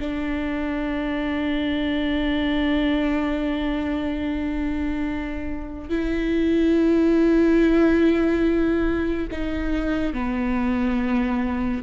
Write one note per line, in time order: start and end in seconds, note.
0.00 5.90 D4
5.90 9.28 E4
9.32 10.14 D#4
10.14 11.83 B3